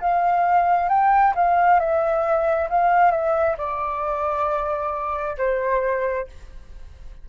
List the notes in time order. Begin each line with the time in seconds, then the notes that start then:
0.00 F5
0.88 G5
1.35 F5
1.79 E5
2.69 F5
3.11 E5
3.57 D5
5.37 C5